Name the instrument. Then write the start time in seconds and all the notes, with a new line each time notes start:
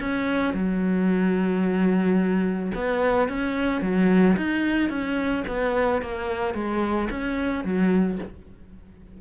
cello
0.00 C#4
0.54 F#3
2.75 B3
3.29 C#4
3.82 F#3
4.37 D#4
4.90 C#4
5.48 B3
6.02 A#3
6.55 G#3
7.11 C#4
7.65 F#3